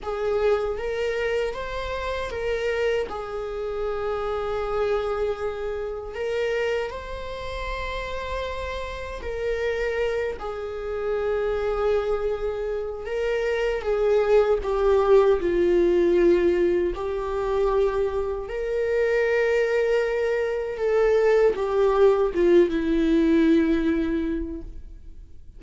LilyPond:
\new Staff \with { instrumentName = "viola" } { \time 4/4 \tempo 4 = 78 gis'4 ais'4 c''4 ais'4 | gis'1 | ais'4 c''2. | ais'4. gis'2~ gis'8~ |
gis'4 ais'4 gis'4 g'4 | f'2 g'2 | ais'2. a'4 | g'4 f'8 e'2~ e'8 | }